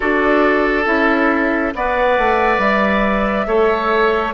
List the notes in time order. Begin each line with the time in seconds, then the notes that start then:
0.00 D4 F#4 A4 D5
0.85 C#4 E4 E5
1.74 B3 B4 D5 F#5
2.18 A3
2.58 G3 E5
3.46 A3 A4 C#5